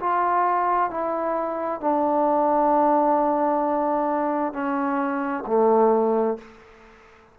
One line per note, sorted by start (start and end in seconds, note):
0.00 0.90 F4
0.90 1.80 E4
1.80 4.53 D4
4.53 5.44 C#4
5.47 6.38 A3